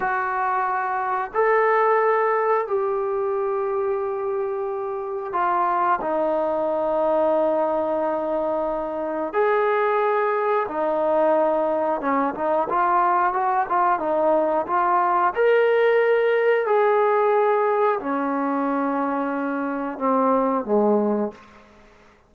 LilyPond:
\new Staff \with { instrumentName = "trombone" } { \time 4/4 \tempo 4 = 90 fis'2 a'2 | g'1 | f'4 dis'2.~ | dis'2 gis'2 |
dis'2 cis'8 dis'8 f'4 | fis'8 f'8 dis'4 f'4 ais'4~ | ais'4 gis'2 cis'4~ | cis'2 c'4 gis4 | }